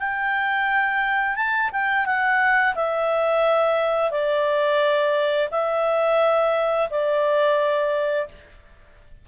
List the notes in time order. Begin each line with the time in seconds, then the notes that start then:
0.00 G5
1.36 A5
1.73 G5
2.06 F#5
2.75 E5
4.11 D5
5.51 E5
6.90 D5